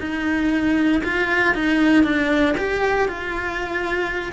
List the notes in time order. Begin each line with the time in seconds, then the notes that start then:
0.00 D#4
1.04 F4
1.55 D#4
2.04 D4
2.58 G4
3.08 F4